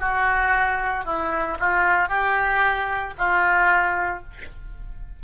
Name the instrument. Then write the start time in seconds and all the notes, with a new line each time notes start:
oboe
0.00 F#4
1.05 E4
1.60 F4
2.09 G4
3.19 F4